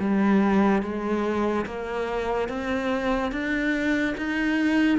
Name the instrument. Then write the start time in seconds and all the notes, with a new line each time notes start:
cello
0.00 G3
0.82 G#3
1.66 A#3
2.49 C4
3.32 D4
4.17 D#4